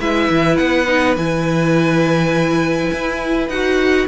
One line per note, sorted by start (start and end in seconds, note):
0.00 0.29 G#3
0.00 0.86 E4
0.00 4.07 B4
0.00 0.57 E5
0.30 0.59 E3
0.57 1.17 B3
0.57 1.15 F#5
0.86 1.15 D#4
1.17 2.91 E3
1.17 3.51 E4
1.17 3.49 G#5
2.92 3.48 E4
3.48 4.07 D#4
3.48 4.07 F#4
3.48 4.07 F#5